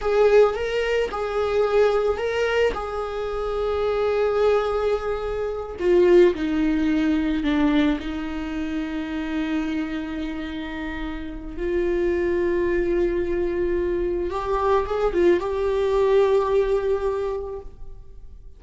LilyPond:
\new Staff \with { instrumentName = "viola" } { \time 4/4 \tempo 4 = 109 gis'4 ais'4 gis'2 | ais'4 gis'2.~ | gis'2~ gis'8 f'4 dis'8~ | dis'4. d'4 dis'4.~ |
dis'1~ | dis'4 f'2.~ | f'2 g'4 gis'8 f'8 | g'1 | }